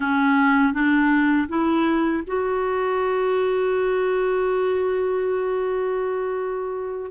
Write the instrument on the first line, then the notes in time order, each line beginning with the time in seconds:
clarinet
0.00 C#4
0.73 D4
1.48 E4
2.26 F#4